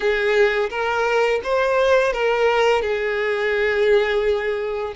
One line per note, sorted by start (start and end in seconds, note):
0.00 0.69 G#4
0.70 1.40 A#4
1.43 2.12 C5
2.12 2.82 A#4
2.82 4.93 G#4